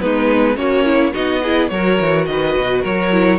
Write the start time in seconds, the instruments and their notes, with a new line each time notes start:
0.00 cello G#3, viola B3, violin D#4 B4
0.57 cello A#3, violin C#4 C#5, viola F#4
0.85 viola E4
1.13 cello B3, viola D#4, violin F#4 D#5
1.43 viola E4, violin G#4
1.69 cello F#3, viola F#4, violin A#4 C#5
2.00 cello E3
2.26 cello D#3, violin D#5
2.32 violin B4
2.58 cello B2
2.82 cello F#3, violin A#4 C#5
3.12 viola E4